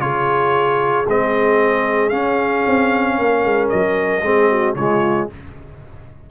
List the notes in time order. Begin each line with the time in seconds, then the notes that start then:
0.00 C#3 F4 G#4 C#5
1.08 G#3 C4 D#5
2.10 C#4 F5
2.67 C4
3.19 A#3 A#4
3.45 G#3
3.70 F#3 D#5
4.23 G#3 C4 G#4
4.50 F#4
4.75 C#3 G#3 F4 C#5